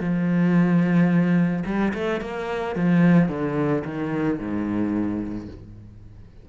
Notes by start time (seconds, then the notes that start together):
0.00 F3
1.65 G3
1.94 A3
2.21 A#3
2.75 F3
3.28 D3
3.85 D#3
4.39 G#2